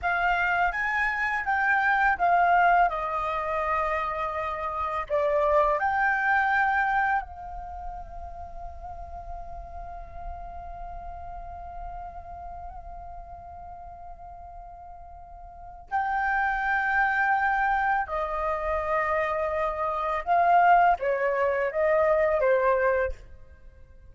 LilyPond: \new Staff \with { instrumentName = "flute" } { \time 4/4 \tempo 4 = 83 f''4 gis''4 g''4 f''4 | dis''2. d''4 | g''2 f''2~ | f''1~ |
f''1~ | f''2 g''2~ | g''4 dis''2. | f''4 cis''4 dis''4 c''4 | }